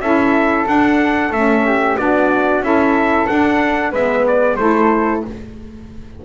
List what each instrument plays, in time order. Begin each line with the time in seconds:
0.00 double bass C#4, saxophone E4, flute A4, trumpet E5
0.66 saxophone D4, double bass D4, trumpet F#5
1.31 double bass A3, saxophone C#4, trumpet E5
1.66 flute G4
1.98 double bass B3, saxophone D4, flute F#4, trumpet D5
2.61 double bass C#4, saxophone E4, flute A4, trumpet E5
3.27 saxophone D4, double bass D4, trumpet F#5
3.90 double bass G#3, saxophone B3, flute B4, trumpet E5
4.27 trumpet D5
4.56 double bass A3, saxophone E4, flute A4, trumpet C5